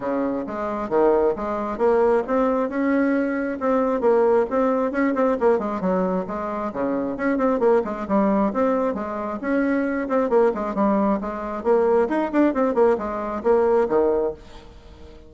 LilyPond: \new Staff \with { instrumentName = "bassoon" } { \time 4/4 \tempo 4 = 134 cis4 gis4 dis4 gis4 | ais4 c'4 cis'2 | c'4 ais4 c'4 cis'8 c'8 | ais8 gis8 fis4 gis4 cis4 |
cis'8 c'8 ais8 gis8 g4 c'4 | gis4 cis'4. c'8 ais8 gis8 | g4 gis4 ais4 dis'8 d'8 | c'8 ais8 gis4 ais4 dis4 | }